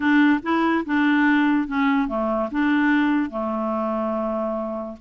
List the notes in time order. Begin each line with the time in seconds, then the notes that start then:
0.00 D4
0.42 E4
0.85 D4
1.67 C#4
2.08 A3
2.51 D4
3.30 A3